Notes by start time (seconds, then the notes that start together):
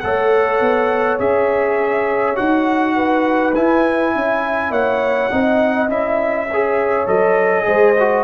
0.00 A3 A4 C#5 F#5
0.61 B3
1.19 C#4 G#4 E5
2.36 D#4 F#4 F#5
2.96 B4
3.55 E4 G#5
4.15 C#4 E5
4.71 A#3 C#5 F#5
5.31 C4 D#4 D#5
5.88 C#4 E4 E5
6.50 G#4 C#5
7.07 F#3 A4 D#5
7.64 G#3 G#4 C5
8.00 F#4